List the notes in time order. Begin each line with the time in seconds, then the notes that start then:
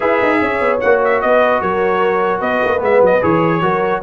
0.00 E4 G#4 B4 E5
0.22 D#4
0.41 C#4 C#5
0.61 B3
0.80 A#3 F#4 F#5
1.04 E5
1.21 B3 B4 D#5
1.60 F#3 A#4 C#5
2.38 B3 B4 D#5
2.64 A#3
2.78 G#3 B3 E5
3.01 F#3 D#5
3.21 E3 G#4 C#5
3.61 F#3 F#4 A#4